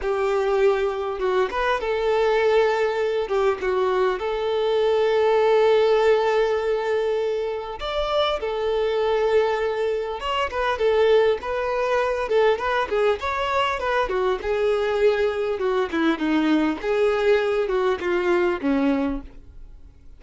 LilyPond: \new Staff \with { instrumentName = "violin" } { \time 4/4 \tempo 4 = 100 g'2 fis'8 b'8 a'4~ | a'4. g'8 fis'4 a'4~ | a'1~ | a'4 d''4 a'2~ |
a'4 cis''8 b'8 a'4 b'4~ | b'8 a'8 b'8 gis'8 cis''4 b'8 fis'8 | gis'2 fis'8 e'8 dis'4 | gis'4. fis'8 f'4 cis'4 | }